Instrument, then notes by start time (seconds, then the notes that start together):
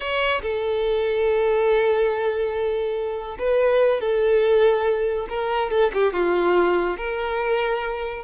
violin
0.00 C#5
0.41 A4
3.38 B4
4.00 A4
5.29 A#4
5.70 A4
5.93 G4
6.13 F4
6.97 A#4